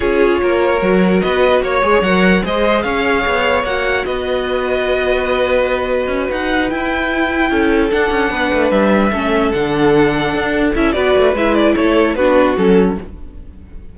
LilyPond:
<<
  \new Staff \with { instrumentName = "violin" } { \time 4/4 \tempo 4 = 148 cis''2. dis''4 | cis''4 fis''4 dis''4 f''4~ | f''4 fis''4 dis''2~ | dis''2.~ dis''8 fis''8~ |
fis''8 g''2. fis''8~ | fis''4. e''2 fis''8~ | fis''2~ fis''8 e''8 d''4 | e''8 d''8 cis''4 b'4 a'4 | }
  \new Staff \with { instrumentName = "violin" } { \time 4/4 gis'4 ais'2 b'4 | cis''2 c''4 cis''4~ | cis''2 b'2~ | b'1~ |
b'2~ b'8 a'4.~ | a'8 b'2 a'4.~ | a'2. b'4~ | b'4 a'4 fis'2 | }
  \new Staff \with { instrumentName = "viola" } { \time 4/4 f'2 fis'2~ | fis'8 gis'8 ais'4 gis'2~ | gis'4 fis'2.~ | fis'1~ |
fis'8 e'2. d'8~ | d'2~ d'8 cis'4 d'8~ | d'2~ d'8 e'8 fis'4 | e'2 d'4 cis'4 | }
  \new Staff \with { instrumentName = "cello" } { \time 4/4 cis'4 ais4 fis4 b4 | ais8 gis8 fis4 gis4 cis'4 | b4 ais4 b2~ | b2. cis'8 dis'8~ |
dis'8 e'2 cis'4 d'8 | cis'8 b8 a8 g4 a4 d8~ | d4. d'4 cis'8 b8 a8 | gis4 a4 b4 fis4 | }
>>